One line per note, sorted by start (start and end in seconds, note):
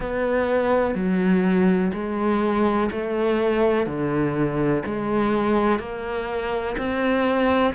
0.00 0.95 B3
0.95 1.91 F#3
1.93 2.89 G#3
2.91 3.86 A3
3.86 4.83 D3
4.85 5.78 G#3
5.78 6.75 A#3
6.77 7.74 C4